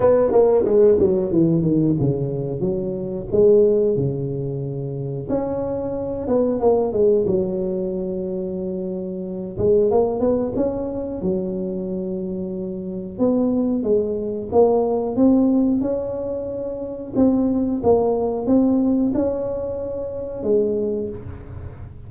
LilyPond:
\new Staff \with { instrumentName = "tuba" } { \time 4/4 \tempo 4 = 91 b8 ais8 gis8 fis8 e8 dis8 cis4 | fis4 gis4 cis2 | cis'4. b8 ais8 gis8 fis4~ | fis2~ fis8 gis8 ais8 b8 |
cis'4 fis2. | b4 gis4 ais4 c'4 | cis'2 c'4 ais4 | c'4 cis'2 gis4 | }